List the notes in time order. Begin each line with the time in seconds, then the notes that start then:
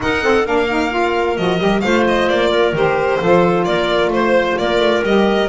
0.00 D#4 A#4 F#5
0.22 C4 A4
0.45 A#3 D4 A#4 F5
0.69 D#4
0.90 F4
1.36 F3 F#4 D#5
1.58 G3 G4
1.80 A3 F4 C5 F5
2.07 D#5
2.28 A#3 D5
2.50 A#4
2.72 D#3 G4 C5
3.20 F3 F4 A4
3.64 A#3 A#4 D5
4.08 A3 C5
4.58 A#3 A#4 D5
4.78 A3
5.02 G3 G4 D#5